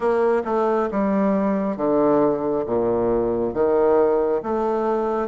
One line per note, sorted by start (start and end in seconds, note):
0.00 0.42 A#3
0.45 0.89 A3
0.91 1.76 G3
1.76 2.65 D3
2.66 3.53 A#2
3.53 4.41 D#3
4.42 5.27 A3